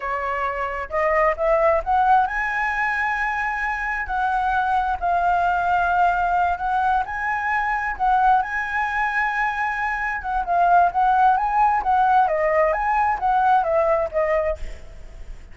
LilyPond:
\new Staff \with { instrumentName = "flute" } { \time 4/4 \tempo 4 = 132 cis''2 dis''4 e''4 | fis''4 gis''2.~ | gis''4 fis''2 f''4~ | f''2~ f''8 fis''4 gis''8~ |
gis''4. fis''4 gis''4.~ | gis''2~ gis''8 fis''8 f''4 | fis''4 gis''4 fis''4 dis''4 | gis''4 fis''4 e''4 dis''4 | }